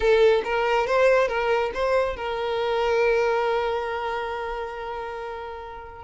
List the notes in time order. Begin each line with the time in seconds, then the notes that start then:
0.00 A4
0.44 A#4
0.86 C5
1.28 A#4
1.74 C5
2.16 A#4